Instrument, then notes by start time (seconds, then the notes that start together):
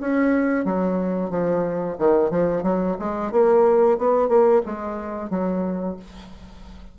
bassoon
0.00 C#4
0.65 F#3
1.30 F3
1.98 D#3
2.30 F3
2.63 F#3
2.99 G#3
3.32 A#3
3.98 B3
4.28 A#3
4.65 G#3
5.30 F#3